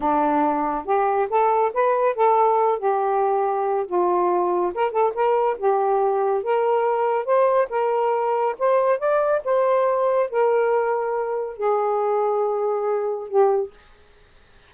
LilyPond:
\new Staff \with { instrumentName = "saxophone" } { \time 4/4 \tempo 4 = 140 d'2 g'4 a'4 | b'4 a'4. g'4.~ | g'4 f'2 ais'8 a'8 | ais'4 g'2 ais'4~ |
ais'4 c''4 ais'2 | c''4 d''4 c''2 | ais'2. gis'4~ | gis'2. g'4 | }